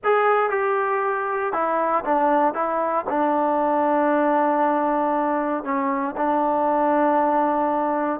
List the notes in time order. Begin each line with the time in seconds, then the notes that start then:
0.03 G#4
0.50 G4
1.52 E4
2.04 D4
2.54 E4
3.09 D4
5.64 C#4
6.16 D4